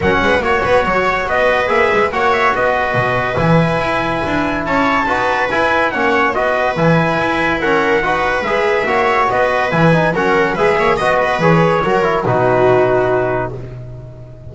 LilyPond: <<
  \new Staff \with { instrumentName = "trumpet" } { \time 4/4 \tempo 4 = 142 fis''4 cis''2 dis''4 | e''4 fis''8 e''8 dis''2 | gis''2. a''4~ | a''4 gis''4 fis''4 dis''4 |
gis''2 fis''2 | e''2 dis''4 gis''4 | fis''4 e''4 dis''4 cis''4~ | cis''4 b'2. | }
  \new Staff \with { instrumentName = "viola" } { \time 4/4 ais'8 b'8 cis''8 b'8 cis''4 b'4~ | b'4 cis''4 b'2~ | b'2. cis''4 | b'2 cis''4 b'4~ |
b'2 ais'4 b'4~ | b'4 cis''4 b'2 | ais'4 b'8 cis''8 dis''8 b'4. | ais'4 fis'2. | }
  \new Staff \with { instrumentName = "trombone" } { \time 4/4 cis'4 fis'2. | gis'4 fis'2. | e'1 | fis'4 e'4 cis'4 fis'4 |
e'2 cis'4 fis'4 | gis'4 fis'2 e'8 dis'8 | cis'4 gis'4 fis'4 gis'4 | fis'8 e'8 dis'2. | }
  \new Staff \with { instrumentName = "double bass" } { \time 4/4 fis8 gis8 ais8 b8 fis4 b4 | ais8 gis8 ais4 b4 b,4 | e4 e'4 d'4 cis'4 | dis'4 e'4 ais4 b4 |
e4 e'2 dis'4 | gis4 ais4 b4 e4 | fis4 gis8 ais8 b4 e4 | fis4 b,2. | }
>>